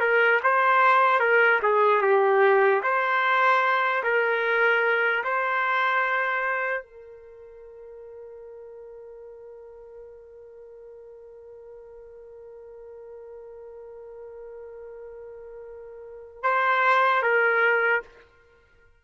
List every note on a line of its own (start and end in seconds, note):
0.00 0.40 A#4
0.43 1.20 C5
1.20 1.60 A#4
1.62 2.01 G#4
2.01 2.81 G4
2.83 4.03 C5
4.03 5.23 A#4
5.23 6.83 C5
6.83 16.43 A#4
16.43 17.22 C5
17.22 18.02 A#4